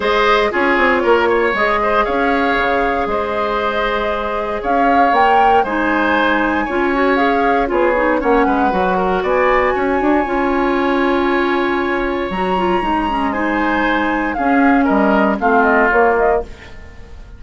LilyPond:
<<
  \new Staff \with { instrumentName = "flute" } { \time 4/4 \tempo 4 = 117 dis''4 cis''2 dis''4 | f''2 dis''2~ | dis''4 f''4 g''4 gis''4~ | gis''2 f''4 cis''4 |
fis''2 gis''2~ | gis''1 | ais''2 gis''2 | f''4 dis''4 f''8 dis''8 cis''8 dis''8 | }
  \new Staff \with { instrumentName = "oboe" } { \time 4/4 c''4 gis'4 ais'8 cis''4 c''8 | cis''2 c''2~ | c''4 cis''2 c''4~ | c''4 cis''2 gis'4 |
cis''8 b'4 ais'8 d''4 cis''4~ | cis''1~ | cis''2 c''2 | gis'4 ais'4 f'2 | }
  \new Staff \with { instrumentName = "clarinet" } { \time 4/4 gis'4 f'2 gis'4~ | gis'1~ | gis'2 ais'4 dis'4~ | dis'4 f'8 fis'8 gis'4 f'8 dis'8 |
cis'4 fis'2. | f'1 | fis'8 f'8 dis'8 cis'8 dis'2 | cis'2 c'4 ais4 | }
  \new Staff \with { instrumentName = "bassoon" } { \time 4/4 gis4 cis'8 c'8 ais4 gis4 | cis'4 cis4 gis2~ | gis4 cis'4 ais4 gis4~ | gis4 cis'2 b4 |
ais8 gis8 fis4 b4 cis'8 d'8 | cis'1 | fis4 gis2. | cis'4 g4 a4 ais4 | }
>>